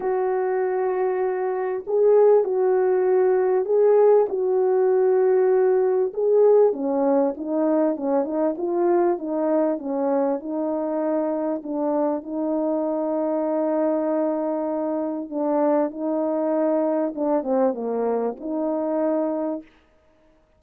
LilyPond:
\new Staff \with { instrumentName = "horn" } { \time 4/4 \tempo 4 = 98 fis'2. gis'4 | fis'2 gis'4 fis'4~ | fis'2 gis'4 cis'4 | dis'4 cis'8 dis'8 f'4 dis'4 |
cis'4 dis'2 d'4 | dis'1~ | dis'4 d'4 dis'2 | d'8 c'8 ais4 dis'2 | }